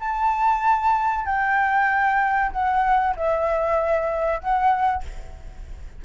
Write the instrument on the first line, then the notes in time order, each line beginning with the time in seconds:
flute
0.00 A5
1.25 G5
2.52 F#5
3.16 E5
4.40 F#5